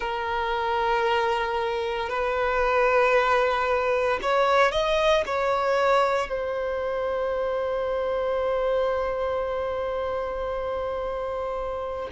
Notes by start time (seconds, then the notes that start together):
0.00 A#4
2.09 B4
4.22 C#5
4.71 D#5
5.25 C#5
6.29 C5